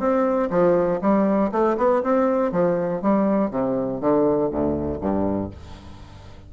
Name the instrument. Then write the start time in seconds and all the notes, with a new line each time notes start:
bassoon
0.00 C4
0.51 F3
1.02 G3
1.52 A3
1.78 B3
2.03 C4
2.52 F3
3.02 G3
3.51 C3
4.01 D3
4.51 D2
5.02 G2